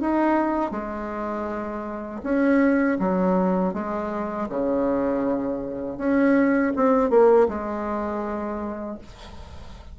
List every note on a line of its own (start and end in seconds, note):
0.00 0.71 D#4
0.71 2.21 G#3
2.23 2.98 C#4
2.99 3.73 F#3
3.73 4.48 G#3
4.49 5.97 C#3
5.97 6.72 C#4
6.75 7.09 C4
7.09 7.47 A#3
7.48 8.98 G#3